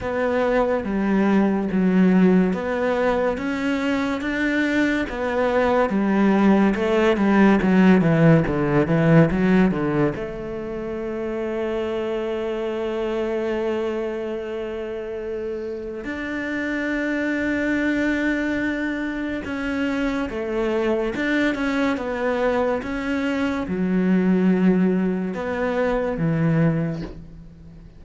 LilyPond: \new Staff \with { instrumentName = "cello" } { \time 4/4 \tempo 4 = 71 b4 g4 fis4 b4 | cis'4 d'4 b4 g4 | a8 g8 fis8 e8 d8 e8 fis8 d8 | a1~ |
a2. d'4~ | d'2. cis'4 | a4 d'8 cis'8 b4 cis'4 | fis2 b4 e4 | }